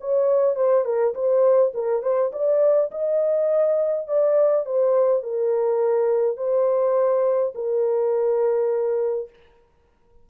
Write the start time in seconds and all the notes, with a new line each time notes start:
0.00 C#5
0.55 C5
0.84 A#4
1.14 C5
1.74 A#4
2.02 C5
2.32 D5
2.91 D#5
4.08 D5
4.65 C5
5.22 A#4
6.36 C5
7.55 A#4